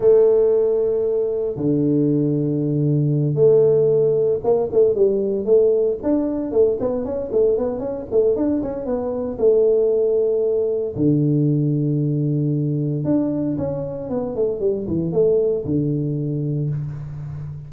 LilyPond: \new Staff \with { instrumentName = "tuba" } { \time 4/4 \tempo 4 = 115 a2. d4~ | d2~ d8 a4.~ | a8 ais8 a8 g4 a4 d'8~ | d'8 a8 b8 cis'8 a8 b8 cis'8 a8 |
d'8 cis'8 b4 a2~ | a4 d2.~ | d4 d'4 cis'4 b8 a8 | g8 e8 a4 d2 | }